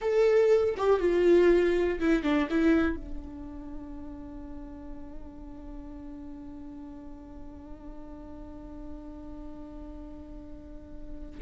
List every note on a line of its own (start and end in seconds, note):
0.01 0.75 A4
0.77 0.99 G4
0.99 1.99 F4
1.99 2.23 E4
2.23 2.47 D4
2.50 2.96 E4
2.96 11.39 D4